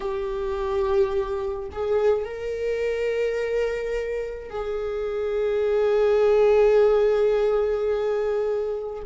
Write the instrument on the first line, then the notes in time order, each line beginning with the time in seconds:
viola
0.00 G4
1.71 G#4
2.24 A#4
4.50 G#4